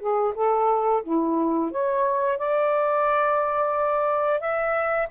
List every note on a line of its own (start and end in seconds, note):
0.00 0.34 G#4
0.35 1.04 A4
1.04 1.71 E4
1.71 2.39 C#5
2.39 4.41 D5
4.41 5.09 E5